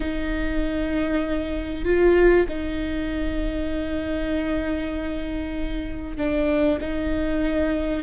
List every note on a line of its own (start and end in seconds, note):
0.00 1.84 D#4
1.84 2.46 F4
2.48 6.17 D#4
6.17 6.78 D4
6.80 8.03 D#4